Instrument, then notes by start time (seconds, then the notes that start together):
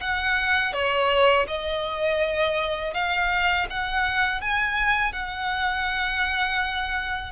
violin
0.00 F#5
0.73 C#5
1.47 D#5
2.93 F5
3.70 F#5
4.41 G#5
5.12 F#5